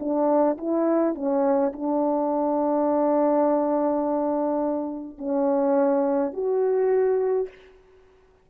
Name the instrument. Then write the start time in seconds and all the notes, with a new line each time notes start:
horn
0.00 D4
0.58 E4
1.15 C#4
1.73 D4
5.18 C#4
6.34 F#4